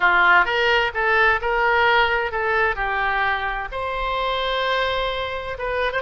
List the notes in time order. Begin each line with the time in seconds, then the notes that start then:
0.00 F4
0.45 A#4
0.93 A4
1.41 A#4
2.31 A4
2.75 G4
3.71 C5
5.58 B4
5.92 C5